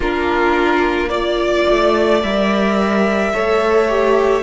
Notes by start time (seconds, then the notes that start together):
0.00 A#3 D4 F4 A#4
1.09 F4 D5
1.70 A3
2.22 G3 A#4 E5
3.33 A3 A4 C#5
3.88 G4